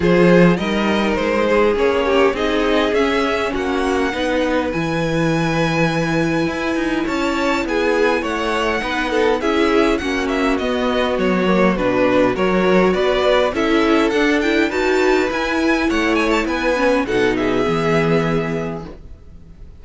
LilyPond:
<<
  \new Staff \with { instrumentName = "violin" } { \time 4/4 \tempo 4 = 102 c''4 dis''4 c''4 cis''4 | dis''4 e''4 fis''2 | gis''1 | a''4 gis''4 fis''2 |
e''4 fis''8 e''8 dis''4 cis''4 | b'4 cis''4 d''4 e''4 | fis''8 g''8 a''4 gis''4 fis''8 gis''16 a''16 | gis''4 fis''8 e''2~ e''8 | }
  \new Staff \with { instrumentName = "violin" } { \time 4/4 gis'4 ais'4. gis'4 g'8 | gis'2 fis'4 b'4~ | b'1 | cis''4 gis'4 cis''4 b'8 a'8 |
gis'4 fis'2.~ | fis'4 ais'4 b'4 a'4~ | a'4 b'2 cis''4 | b'4 a'8 gis'2~ gis'8 | }
  \new Staff \with { instrumentName = "viola" } { \time 4/4 f'4 dis'2 cis'4 | dis'4 cis'2 dis'4 | e'1~ | e'2. dis'4 |
e'4 cis'4 b4. ais8 | d'4 fis'2 e'4 | d'8 e'8 fis'4 e'2~ | e'8 cis'8 dis'4 b2 | }
  \new Staff \with { instrumentName = "cello" } { \time 4/4 f4 g4 gis4 ais4 | c'4 cis'4 ais4 b4 | e2. e'8 dis'8 | cis'4 b4 a4 b4 |
cis'4 ais4 b4 fis4 | b,4 fis4 b4 cis'4 | d'4 dis'4 e'4 a4 | b4 b,4 e2 | }
>>